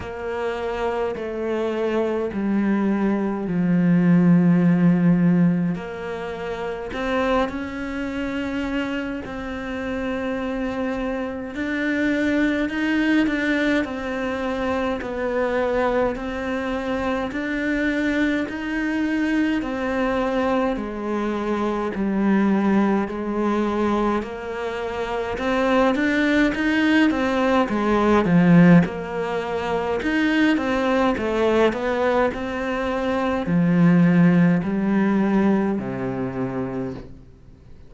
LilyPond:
\new Staff \with { instrumentName = "cello" } { \time 4/4 \tempo 4 = 52 ais4 a4 g4 f4~ | f4 ais4 c'8 cis'4. | c'2 d'4 dis'8 d'8 | c'4 b4 c'4 d'4 |
dis'4 c'4 gis4 g4 | gis4 ais4 c'8 d'8 dis'8 c'8 | gis8 f8 ais4 dis'8 c'8 a8 b8 | c'4 f4 g4 c4 | }